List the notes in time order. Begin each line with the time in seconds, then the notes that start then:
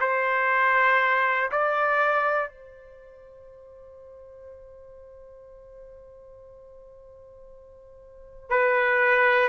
0.00 C5
1.51 D5
2.49 C5
8.49 B4